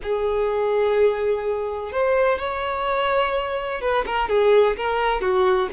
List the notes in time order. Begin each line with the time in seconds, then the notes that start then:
0.02 G#4
1.92 C5
2.38 C#5
3.81 B4
4.06 A#4
4.28 G#4
4.77 A#4
5.21 F#4